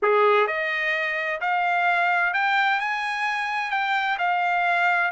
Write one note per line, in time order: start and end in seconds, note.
0.02 0.47 G#4
0.47 1.40 D#5
1.41 2.33 F5
2.33 2.80 G5
2.80 3.71 G#5
3.71 4.17 G5
4.18 5.11 F5